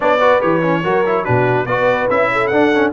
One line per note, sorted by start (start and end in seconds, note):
0.00 0.42 B3
0.00 0.18 D4
0.00 0.19 C#5
0.00 0.41 D5
0.19 0.40 F#4
0.19 0.82 B4
0.40 0.84 E3
0.40 0.61 G4
0.40 1.24 C#5
0.62 0.83 C#4
0.83 1.26 F#3
0.83 1.04 F#4
0.83 1.25 A#4
1.06 1.24 E4
1.24 1.65 B2
1.24 1.66 D4
1.24 1.67 F#4
1.24 1.66 B4
1.65 2.07 B3
1.65 2.09 F#4
1.65 2.31 B4
1.65 2.08 D5
2.09 2.51 C#4
2.09 2.51 E4
2.09 2.47 E5
2.32 2.92 A4
2.47 2.92 D4
2.47 2.73 D4
2.47 2.89 F#5
2.74 2.92 C#4